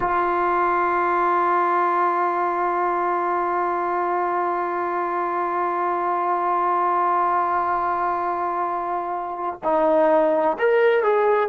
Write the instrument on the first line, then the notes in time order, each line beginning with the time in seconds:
trombone
0.00 F4
9.63 D#4
10.58 A#4
11.03 G#4